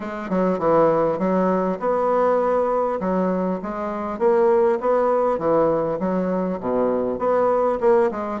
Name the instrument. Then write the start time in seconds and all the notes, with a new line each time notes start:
bassoon
0.00 G#3
0.29 F#3
0.58 E3
1.18 F#3
1.79 B3
2.99 F#3
3.62 G#3
4.18 A#3
4.80 B3
5.38 E3
5.99 F#3
6.59 B2
7.18 B3
7.80 A#3
8.11 G#3